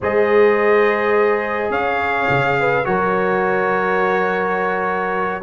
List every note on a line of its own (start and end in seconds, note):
0.00 1.69 G#3
0.00 2.84 G#4
0.00 1.72 C5
0.00 1.71 D#5
1.69 2.26 C#4
1.69 2.57 C#5
1.69 2.85 F5
2.29 2.86 C#3
2.59 2.87 B4
2.84 5.42 F#3
2.84 5.41 F#4
2.84 5.42 A#4
2.84 5.42 C#5